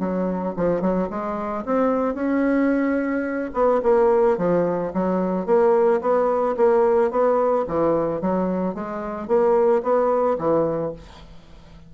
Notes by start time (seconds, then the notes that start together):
0.00 F#3
0.57 F3
0.81 F#3
1.10 G#3
1.66 C4
2.15 C#4
3.54 B3
3.83 A#3
4.38 F3
4.94 F#3
5.46 A#3
6.01 B3
6.57 A#3
7.11 B3
7.68 E3
8.21 F#3
8.75 G#3
9.28 A#3
9.83 B3
10.39 E3